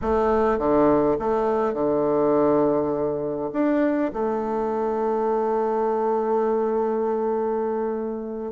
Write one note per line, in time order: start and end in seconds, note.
0.01 0.58 A3
0.58 1.17 D3
1.19 1.73 A3
1.73 3.50 D3
3.52 4.11 D4
4.13 8.52 A3